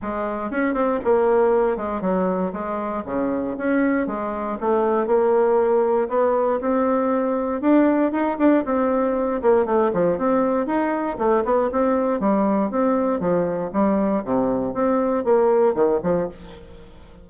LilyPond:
\new Staff \with { instrumentName = "bassoon" } { \time 4/4 \tempo 4 = 118 gis4 cis'8 c'8 ais4. gis8 | fis4 gis4 cis4 cis'4 | gis4 a4 ais2 | b4 c'2 d'4 |
dis'8 d'8 c'4. ais8 a8 f8 | c'4 dis'4 a8 b8 c'4 | g4 c'4 f4 g4 | c4 c'4 ais4 dis8 f8 | }